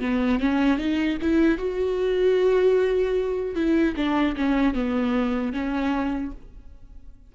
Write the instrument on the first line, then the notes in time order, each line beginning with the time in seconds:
viola
0.00 B3
0.39 C#4
0.78 D#4
1.22 E4
1.58 F#4
3.55 E4
3.96 D4
4.36 C#4
4.74 B3
5.53 C#4